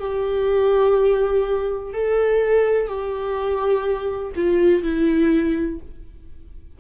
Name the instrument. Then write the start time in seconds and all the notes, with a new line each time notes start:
viola
0.00 G4
1.94 A4
2.87 G4
4.35 F4
4.83 E4